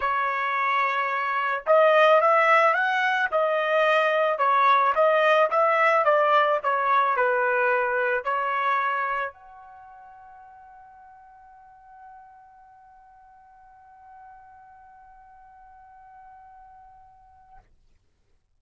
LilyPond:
\new Staff \with { instrumentName = "trumpet" } { \time 4/4 \tempo 4 = 109 cis''2. dis''4 | e''4 fis''4 dis''2 | cis''4 dis''4 e''4 d''4 | cis''4 b'2 cis''4~ |
cis''4 fis''2.~ | fis''1~ | fis''1~ | fis''1 | }